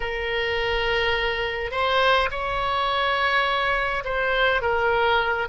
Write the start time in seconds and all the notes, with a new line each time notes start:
0.00 A#4
1.71 C5
2.30 C#5
4.04 C5
4.61 A#4